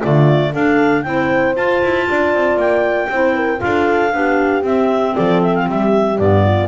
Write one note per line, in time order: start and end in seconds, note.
0.00 0.54 D3
0.00 0.53 A3
0.00 0.51 F4
0.00 0.53 D5
0.53 1.05 D4
0.53 1.04 A4
0.53 1.02 F5
1.02 1.56 C4
1.02 1.55 E4
1.02 2.08 C5
1.02 1.54 G5
1.55 3.09 F4
1.55 1.82 F4
1.55 2.59 A5
1.83 2.08 E4
2.09 2.34 D4
2.09 3.10 D5
2.34 2.56 C4
2.56 3.07 A#3
2.56 3.60 G5
3.10 3.61 C4
3.10 3.57 E4
3.10 3.35 C5
3.35 3.60 A#4
3.57 4.09 F4
3.57 4.63 F5
3.63 4.13 D4
3.63 4.15 A4
4.13 4.63 B3
4.13 4.62 D4
4.13 5.14 G4
4.62 6.16 C4
4.62 5.15 C4
4.62 5.15 E5
5.14 5.68 F3
5.14 5.65 A4
5.14 5.41 D5
5.42 5.55 E5
5.55 5.68 F5
5.66 6.19 G3
5.66 6.43 G4
5.66 6.18 E5
6.18 6.68 G2
6.18 6.68 B3
6.18 6.68 D5
6.45 6.68 F4